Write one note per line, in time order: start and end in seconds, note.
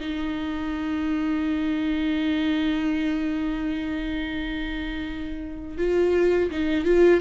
0.00 5.78 D#4
5.78 6.50 F4
6.50 6.84 D#4
6.84 7.21 F4